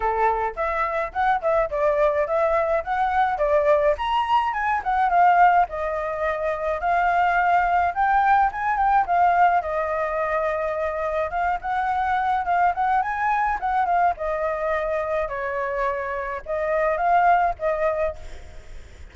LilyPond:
\new Staff \with { instrumentName = "flute" } { \time 4/4 \tempo 4 = 106 a'4 e''4 fis''8 e''8 d''4 | e''4 fis''4 d''4 ais''4 | gis''8 fis''8 f''4 dis''2 | f''2 g''4 gis''8 g''8 |
f''4 dis''2. | f''8 fis''4. f''8 fis''8 gis''4 | fis''8 f''8 dis''2 cis''4~ | cis''4 dis''4 f''4 dis''4 | }